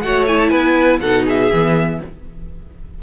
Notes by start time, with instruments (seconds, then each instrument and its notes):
0.00 cello A3, viola F#4, violin C#5 F#5
0.27 viola E4, violin G#5
0.39 violin A5
0.49 cello B3, violin B4 G#5
1.00 cello B2, viola D#4, violin A4 F#5
1.25 violin G#4 E5
1.52 cello E3, viola B3